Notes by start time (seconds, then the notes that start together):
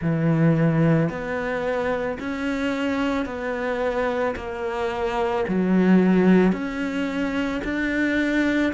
0.01 E3
1.09 B3
2.19 C#4
3.25 B3
4.35 A#3
5.47 F#3
6.52 C#4
7.64 D4